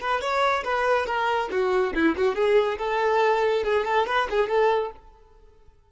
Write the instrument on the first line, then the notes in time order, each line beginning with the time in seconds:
violin
0.00 B4
0.21 C#5
0.64 B4
1.06 A#4
1.51 F#4
1.94 E4
2.16 F#4
2.35 G#4
2.78 A4
3.64 G#4
3.85 A4
4.07 B4
4.30 G#4
4.48 A4